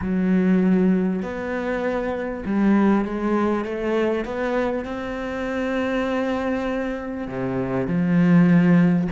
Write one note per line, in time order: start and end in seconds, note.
0.01 1.22 F#3
1.22 2.43 B3
2.45 3.04 G3
3.04 3.64 G#3
3.64 4.24 A3
4.24 4.85 B3
4.85 7.27 C4
7.27 7.87 C3
7.87 9.08 F3